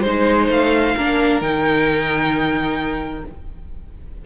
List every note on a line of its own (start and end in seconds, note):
0.00 0.48 G#3
0.00 0.97 D#4
0.00 0.46 C5
0.00 0.95 C5
0.48 0.94 A3
0.48 1.40 F5
0.95 1.41 A#3
0.95 1.42 D4
0.95 3.24 A#4
1.40 3.24 D#3
1.40 3.25 D#4
1.40 3.24 G5